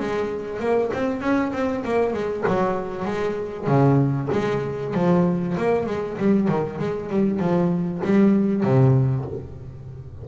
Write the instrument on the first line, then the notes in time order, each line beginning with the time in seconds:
double bass
0.00 G#3
0.60 A#3
0.94 C4
1.21 C#4
1.53 C4
1.85 A#3
2.14 G#3
2.48 F#3
3.06 G#3
3.67 C#3
4.33 G#3
4.95 F3
5.58 A#3
5.87 G#3
6.18 G3
6.49 D#3
6.80 G#3
7.10 G3
7.40 F3
8.05 G3
8.64 C3